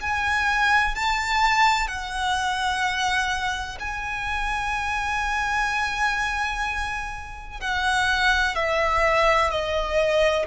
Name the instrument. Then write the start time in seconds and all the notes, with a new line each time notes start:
violin
0.00 G#5
0.95 A5
1.87 F#5
3.79 G#5
7.60 F#5
8.55 E5
9.50 D#5